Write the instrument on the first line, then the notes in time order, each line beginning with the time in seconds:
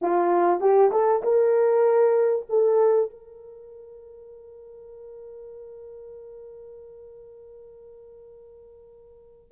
horn
0.01 F4
0.60 G4
0.91 A4
1.22 A#4
2.49 A4
3.10 A#4